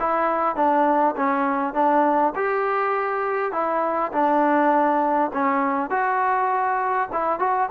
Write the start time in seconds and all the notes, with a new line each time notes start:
0.00 E4
0.56 D4
1.16 C#4
1.74 D4
2.36 G4
3.52 E4
4.12 D4
5.34 C#4
5.90 F#4
7.13 E4
7.40 F#4